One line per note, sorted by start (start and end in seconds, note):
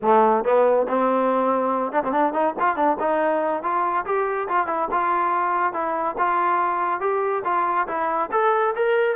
0.02 0.44 A3
0.44 0.86 B3
0.88 1.92 C4
1.92 2.03 D4
2.03 2.12 C4
2.12 2.33 D4
2.33 2.54 D#4
2.59 2.75 F4
2.75 2.97 D4
2.99 3.62 D#4
3.62 4.05 F4
4.05 4.48 G4
4.48 4.67 F4
4.67 4.88 E4
4.91 5.73 F4
5.73 6.15 E4
6.18 7.00 F4
7.00 7.43 G4
7.44 7.87 F4
7.87 8.30 E4
8.31 8.74 A4
8.75 9.15 A#4